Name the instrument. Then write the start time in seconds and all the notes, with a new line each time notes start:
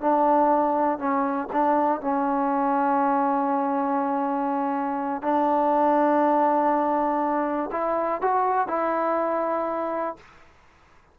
trombone
0.00 D4
0.98 C#4
1.52 D4
2.01 C#4
5.22 D4
7.72 E4
8.21 F#4
8.68 E4